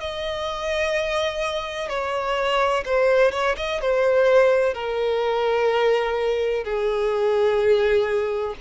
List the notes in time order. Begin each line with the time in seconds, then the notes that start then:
0.00 D#5
1.89 C#5
2.85 C5
3.32 C#5
3.57 D#5
3.81 C5
4.74 A#4
6.64 G#4